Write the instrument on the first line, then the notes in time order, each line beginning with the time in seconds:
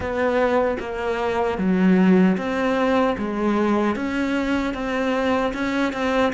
cello
0.00 B3
0.79 A#3
1.58 F#3
2.37 C4
3.18 G#3
3.95 C#4
4.74 C4
5.53 C#4
5.92 C4